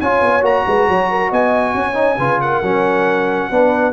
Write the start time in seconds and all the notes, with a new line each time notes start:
0.00 C#4 F4 C#5 G#5
0.22 B3
0.42 A#3 F#4 A#5
0.67 G#3 B4
0.88 F#3 C#5
1.10 A#4
1.29 B3 D#5 G#5
1.74 C#4 C#5
1.94 D#4
2.18 C#3 F4 B4
2.41 A#4 F#5
2.63 F#3 C#4
3.51 B3 D4 B4